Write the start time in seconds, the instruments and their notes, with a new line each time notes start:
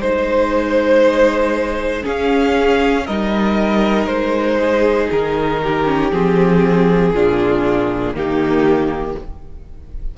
0.00 cello G#3, viola D#4, violin C5
2.02 viola C#4, cello C#4, violin G#4 F5
3.05 cello G3, viola D#4, violin A#4 D#5
4.06 cello G#3, violin C5
4.60 violin G#4
5.11 cello D#3, violin A#4
5.62 violin G4
5.85 viola C#4
6.11 cello F3, viola C4, violin G#4
7.13 cello A#2, viola D4, violin F4
8.12 cello D#3, viola A#3, violin D#4 G4